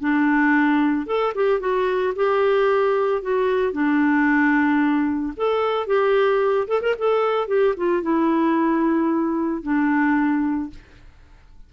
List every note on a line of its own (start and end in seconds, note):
0.00 1.07 D4
1.07 1.33 A4
1.35 1.60 G4
1.60 2.14 F#4
2.16 3.22 G4
3.22 3.73 F#4
3.73 5.34 D4
5.37 5.87 A4
5.87 6.67 G4
6.68 6.81 A4
6.82 6.95 A#4
6.99 7.48 A4
7.48 7.75 G4
7.77 8.03 F4
8.03 9.63 E4
9.63 10.70 D4